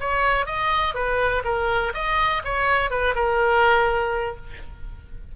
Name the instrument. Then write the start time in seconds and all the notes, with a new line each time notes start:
oboe
0.00 C#5
0.46 D#5
0.94 B4
1.44 A#4
1.94 D#5
2.44 C#5
2.90 B4
3.15 A#4